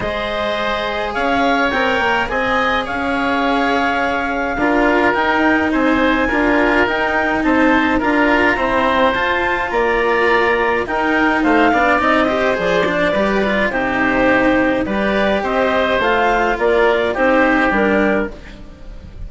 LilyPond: <<
  \new Staff \with { instrumentName = "clarinet" } { \time 4/4 \tempo 4 = 105 dis''2 f''4 g''4 | gis''4 f''2.~ | f''4 g''4 gis''2 | g''4 a''4 ais''2 |
a''4 ais''2 g''4 | f''4 dis''4 d''2 | c''2 d''4 dis''4 | f''4 d''4 c''4 ais'4 | }
  \new Staff \with { instrumentName = "oboe" } { \time 4/4 c''2 cis''2 | dis''4 cis''2. | ais'2 c''4 ais'4~ | ais'4 c''4 ais'4 c''4~ |
c''4 d''2 ais'4 | c''8 d''4 c''4. b'4 | g'2 b'4 c''4~ | c''4 ais'4 g'2 | }
  \new Staff \with { instrumentName = "cello" } { \time 4/4 gis'2. ais'4 | gis'1 | f'4 dis'2 f'4 | dis'2 f'4 c'4 |
f'2. dis'4~ | dis'8 d'8 dis'8 g'8 gis'8 d'8 g'8 f'8 | dis'2 g'2 | f'2 dis'4 d'4 | }
  \new Staff \with { instrumentName = "bassoon" } { \time 4/4 gis2 cis'4 c'8 ais8 | c'4 cis'2. | d'4 dis'4 c'4 d'4 | dis'4 c'4 d'4 e'4 |
f'4 ais2 dis'4 | a8 b8 c'4 f4 g4 | c2 g4 c'4 | a4 ais4 c'4 g4 | }
>>